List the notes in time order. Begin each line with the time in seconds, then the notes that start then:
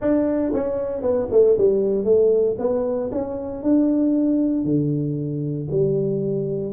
0.01 D4
0.53 C#4
1.01 B3
1.31 A3
1.57 G3
2.04 A3
2.58 B3
3.11 C#4
3.62 D4
4.64 D3
5.70 G3